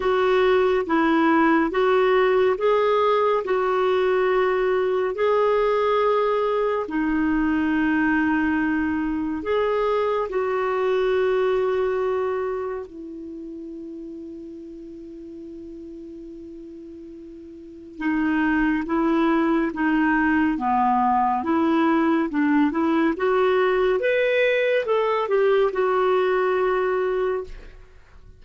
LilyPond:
\new Staff \with { instrumentName = "clarinet" } { \time 4/4 \tempo 4 = 70 fis'4 e'4 fis'4 gis'4 | fis'2 gis'2 | dis'2. gis'4 | fis'2. e'4~ |
e'1~ | e'4 dis'4 e'4 dis'4 | b4 e'4 d'8 e'8 fis'4 | b'4 a'8 g'8 fis'2 | }